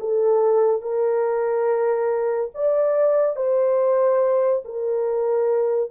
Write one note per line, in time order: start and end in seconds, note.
0.00 0.82 A4
0.82 2.51 A#4
2.54 3.36 D5
3.36 4.63 C5
4.65 5.90 A#4